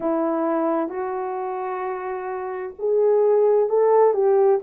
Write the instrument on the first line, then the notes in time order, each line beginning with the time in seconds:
horn
0.00 E4
0.89 F#4
2.78 G#4
3.69 A4
4.13 G4